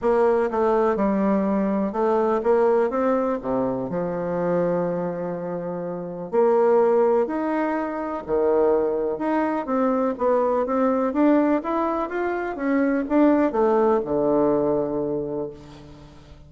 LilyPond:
\new Staff \with { instrumentName = "bassoon" } { \time 4/4 \tempo 4 = 124 ais4 a4 g2 | a4 ais4 c'4 c4 | f1~ | f4 ais2 dis'4~ |
dis'4 dis2 dis'4 | c'4 b4 c'4 d'4 | e'4 f'4 cis'4 d'4 | a4 d2. | }